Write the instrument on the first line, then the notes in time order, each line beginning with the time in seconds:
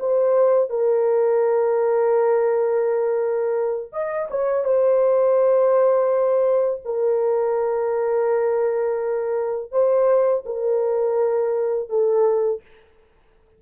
horn
0.00 C5
0.70 A#4
3.92 D#5
4.30 C#5
4.65 C5
6.85 A#4
9.72 C5
10.46 A#4
11.89 A4